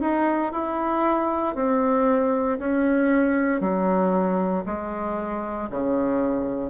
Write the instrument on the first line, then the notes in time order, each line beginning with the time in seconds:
bassoon
0.00 D#4
0.52 E4
1.55 C4
2.59 C#4
3.60 F#3
4.66 G#3
5.70 C#3